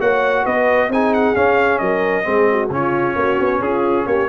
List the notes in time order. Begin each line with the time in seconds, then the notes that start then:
0.00 A#3 F#4 C#5 F#5
0.44 B3 B4 D#5
0.90 C4 D#4 G#4 G#5
1.14 F#5
1.36 C#4 F5
1.79 F#3 A#4 D#5
2.24 G#3 C4 G#4
2.52 F#4
2.70 C#3 C#4 F4 C#5
3.16 A#3 F#4
3.40 B3
3.61 C#4 F4 G#4
4.06 A#3 G4 C#5